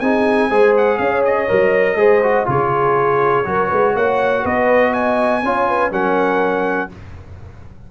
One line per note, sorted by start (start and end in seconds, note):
0.00 0.50 C4
0.00 0.50 D#4
0.00 0.50 G#4
0.00 0.74 G#5
0.50 0.99 G#3
0.50 1.48 G#4
0.50 0.99 C5
0.77 0.97 F#5
0.97 1.48 C#4
0.97 1.98 C#5
0.97 1.22 F5
1.25 2.48 D#5
1.48 1.95 F#3
1.48 1.97 A#4
1.95 2.44 G#3
1.95 2.22 G#4
1.95 2.47 C5
2.23 2.46 F#4
2.46 3.46 C#3
2.46 3.44 F4
2.46 3.48 G#4
2.46 3.96 C#5
3.45 3.70 F#3
3.45 5.42 F#4
3.45 3.68 A#4
3.68 3.95 G#3
3.68 3.92 B4
3.95 4.45 A#3
3.95 4.42 C#5
3.95 4.45 F#5
4.42 5.43 B3
4.42 4.92 B4
4.42 4.93 D#5
4.93 5.43 D#5
4.93 5.92 G#5
5.43 5.91 C#4
5.43 5.91 F4
5.43 5.68 C#5
5.68 5.92 B4
5.91 6.89 F#3
5.91 6.89 C#4
5.91 6.90 A#4
5.91 6.91 F#5